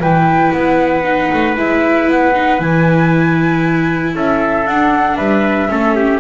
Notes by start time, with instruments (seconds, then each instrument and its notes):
0.00 double bass E3, viola E4, trumpet B4, flute G5
0.52 double bass B3, flute F#5
1.03 viola D#4
1.33 double bass A3
1.57 double bass G#3, viola E4, flute E5
2.08 double bass B3, flute F#5
2.34 viola D#4
2.59 double bass E3, viola E4, flute G#5
4.14 double bass C#4, trumpet A4, flute E5
4.65 double bass D4, viola D4, flute F#5
5.16 double bass G3, trumpet B4, flute E5
5.68 double bass A3, viola C#4, trumpet A4
5.96 trumpet G4